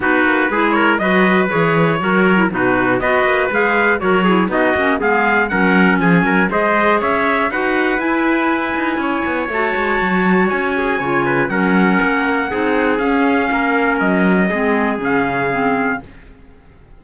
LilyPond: <<
  \new Staff \with { instrumentName = "trumpet" } { \time 4/4 \tempo 4 = 120 b'4. cis''8 dis''4 cis''4~ | cis''4 b'4 dis''4 f''4 | cis''4 dis''4 f''4 fis''4 | gis''4 dis''4 e''4 fis''4 |
gis''2. a''4~ | a''4 gis''2 fis''4~ | fis''2 f''2 | dis''2 f''2 | }
  \new Staff \with { instrumentName = "trumpet" } { \time 4/4 fis'4 gis'8 ais'8 b'2 | ais'4 fis'4 b'2 | ais'8 gis'8 fis'4 gis'4 ais'4 | gis'8 ais'8 c''4 cis''4 b'4~ |
b'2 cis''2~ | cis''4. gis'8 cis''8 b'8 ais'4~ | ais'4 gis'2 ais'4~ | ais'4 gis'2. | }
  \new Staff \with { instrumentName = "clarinet" } { \time 4/4 dis'4 e'4 fis'4 gis'4 | fis'8. e'16 dis'4 fis'4 gis'4 | fis'8 e'8 dis'8 cis'8 b4 cis'4~ | cis'4 gis'2 fis'4 |
e'2. fis'4~ | fis'2 f'4 cis'4~ | cis'4 dis'4 cis'2~ | cis'4 c'4 cis'4 c'4 | }
  \new Staff \with { instrumentName = "cello" } { \time 4/4 b8 ais8 gis4 fis4 e4 | fis4 b,4 b8 ais8 gis4 | fis4 b8 ais8 gis4 fis4 | f8 fis8 gis4 cis'4 dis'4 |
e'4. dis'8 cis'8 b8 a8 gis8 | fis4 cis'4 cis4 fis4 | ais4 c'4 cis'4 ais4 | fis4 gis4 cis2 | }
>>